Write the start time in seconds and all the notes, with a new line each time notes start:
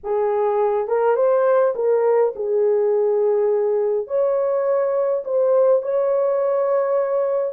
0.03 G#4
0.87 A#4
1.15 C5
1.75 A#4
2.35 G#4
4.07 C#5
5.24 C5
5.82 C#5